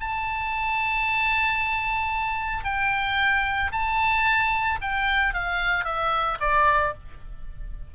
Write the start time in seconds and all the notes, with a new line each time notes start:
0.00 A5
2.64 G5
3.71 A5
4.81 G5
5.33 F5
5.84 E5
6.40 D5